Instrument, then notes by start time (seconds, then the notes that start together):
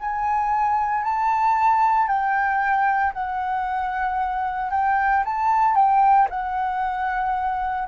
flute
0.00 G#5
1.04 A5
2.08 G5
3.13 F#5
4.71 G5
5.25 A5
5.76 G5
6.30 F#5